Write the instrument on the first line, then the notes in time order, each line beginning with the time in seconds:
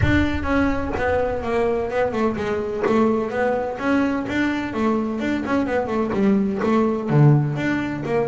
double bass
0.02 D4
0.43 C#4
0.97 B3
1.43 A#3
1.90 B3
2.12 A3
2.36 G#3
2.86 A3
3.30 B3
3.78 C#4
4.28 D4
4.73 A3
5.19 D4
5.45 C#4
5.66 B3
5.87 A3
6.13 G3
6.62 A3
7.09 D3
7.56 D4
8.05 A#3